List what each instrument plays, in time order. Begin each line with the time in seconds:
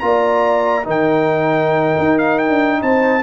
0.00 tuba A#3, trombone F4, horn D5, trumpet A#5
0.85 tuba D#3, trombone D#4, horn A#4, trumpet G5
1.98 tuba D#4
2.19 trumpet F5
2.38 trumpet G5
2.50 tuba D4
2.82 tuba C4, horn C5, trumpet A5